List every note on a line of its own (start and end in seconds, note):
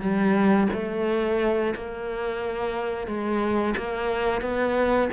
0.00 0.67 G3
0.73 1.74 A3
1.75 3.07 A#3
3.07 3.74 G#3
3.77 4.41 A#3
4.41 5.08 B3